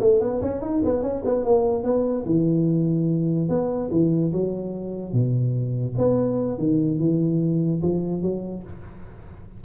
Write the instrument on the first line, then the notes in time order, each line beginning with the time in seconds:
tuba
0.00 A3
0.21 B3
0.42 C#4
0.61 D#4
0.85 B3
1.02 C#4
1.25 B3
1.45 A#3
1.84 B3
2.26 E3
3.49 B3
3.91 E3
4.33 F#3
5.13 B2
5.98 B3
6.58 D#3
6.99 E3
7.82 F3
8.22 F#3